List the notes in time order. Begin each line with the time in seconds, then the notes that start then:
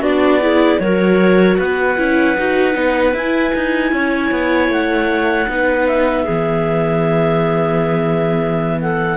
0.00 B3 D4 F#4 D5
0.41 E4 G#4
0.80 F#3 F#4 A#4 C#5
1.58 B3 B4 F#5
1.98 C#4 E4
2.38 D#4 F#4
2.73 B3 D#4
3.14 E4 G#5
3.55 D#4
3.92 C#4 C#5
4.32 B3
4.69 A3 F#5
5.49 B3 D#4 B4
5.88 E5
6.25 E3 B3 G#4
8.82 A4 F#5